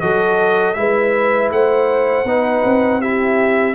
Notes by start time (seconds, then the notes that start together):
0.00 F#3 F#4 A4 D#5
0.74 G#3 E4 B4 E5
1.50 A3 C5 F#5
2.24 B3 D#4 B4
2.64 C4
3.00 E4 G4 E5